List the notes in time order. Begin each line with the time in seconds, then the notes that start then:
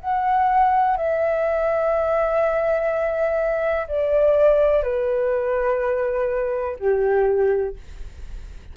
0.00 F#5
0.97 E5
3.88 D5
4.83 B4
6.79 G4